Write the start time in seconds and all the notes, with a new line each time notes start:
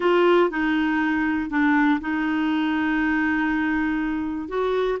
0.00 F4
0.50 D#4
1.50 D4
2.00 D#4
4.48 F#4